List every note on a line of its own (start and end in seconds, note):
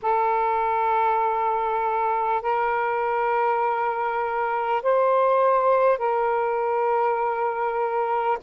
0.02 2.42 A4
2.42 4.82 A#4
4.82 5.97 C5
5.97 8.37 A#4